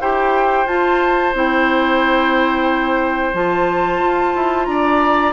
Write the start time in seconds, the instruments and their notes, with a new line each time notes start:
0.00 bassoon E4, clarinet G4, oboe C5, flute G5
0.66 bassoon F4, clarinet F4, flute A5
1.33 bassoon C4, clarinet E4, flute G5
3.34 bassoon F3, clarinet F4, flute A5
3.99 bassoon F4
4.35 bassoon E4
4.65 bassoon D4, oboe D5, flute A#5